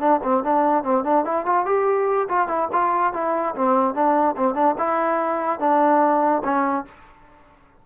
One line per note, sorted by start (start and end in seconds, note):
0.00 0.21 D4
0.24 0.44 C4
0.44 0.84 D4
0.84 1.04 C4
1.04 1.25 D4
1.25 1.46 E4
1.46 1.66 F4
1.66 2.28 G4
2.29 2.48 F4
2.48 2.69 E4
2.73 3.14 F4
3.14 3.55 E4
3.56 3.95 C4
3.95 4.36 D4
4.37 4.55 C4
4.55 4.75 D4
4.79 5.60 E4
5.60 6.43 D4
6.45 6.86 C#4